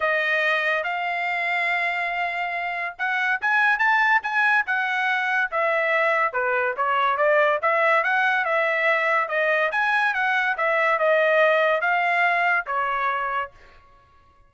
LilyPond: \new Staff \with { instrumentName = "trumpet" } { \time 4/4 \tempo 4 = 142 dis''2 f''2~ | f''2. fis''4 | gis''4 a''4 gis''4 fis''4~ | fis''4 e''2 b'4 |
cis''4 d''4 e''4 fis''4 | e''2 dis''4 gis''4 | fis''4 e''4 dis''2 | f''2 cis''2 | }